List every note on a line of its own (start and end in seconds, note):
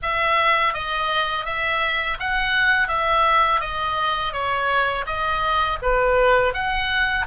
0.02 0.73 E5
0.73 1.45 D#5
1.45 2.17 E5
2.19 2.88 F#5
2.88 3.60 E5
3.60 4.32 D#5
4.32 5.05 C#5
5.06 5.78 D#5
5.82 6.53 B4
6.53 7.26 F#5